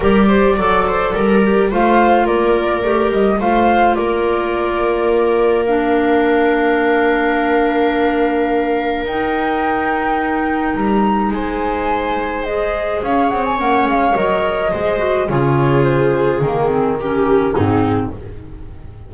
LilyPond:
<<
  \new Staff \with { instrumentName = "flute" } { \time 4/4 \tempo 4 = 106 d''2. f''4 | d''4. dis''8 f''4 d''4~ | d''2 f''2~ | f''1 |
g''2. ais''4 | gis''2 dis''4 f''8 fis''16 gis''16 | fis''8 f''8 dis''2 cis''4 | c''4 ais'8 gis'8 ais'4 gis'4 | }
  \new Staff \with { instrumentName = "viola" } { \time 4/4 ais'8 c''8 d''8 c''8 ais'4 c''4 | ais'2 c''4 ais'4~ | ais'1~ | ais'1~ |
ais'1 | c''2. cis''4~ | cis''2 c''4 gis'4~ | gis'2 g'4 dis'4 | }
  \new Staff \with { instrumentName = "clarinet" } { \time 4/4 g'4 a'4. g'8 f'4~ | f'4 g'4 f'2~ | f'2 d'2~ | d'1 |
dis'1~ | dis'2 gis'2 | cis'4 ais'4 gis'8 fis'8 f'4~ | f'4 ais8 c'8 cis'4 c'4 | }
  \new Staff \with { instrumentName = "double bass" } { \time 4/4 g4 fis4 g4 a4 | ais4 a8 g8 a4 ais4~ | ais1~ | ais1 |
dis'2. g4 | gis2. cis'8 c'8 | ais8 gis8 fis4 gis4 cis4~ | cis4 dis2 gis,4 | }
>>